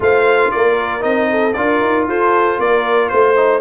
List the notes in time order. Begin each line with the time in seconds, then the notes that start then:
0.00 A3 F4 C5 F5
0.51 A#3 A#4 D5
1.00 C4 D#4 D#5
1.30 A4
1.53 D4 F4 A#4 D5
1.81 D#4
2.06 F4 A4 C5
2.58 A#3 A#4 D5
3.08 A3 C5
3.35 D#4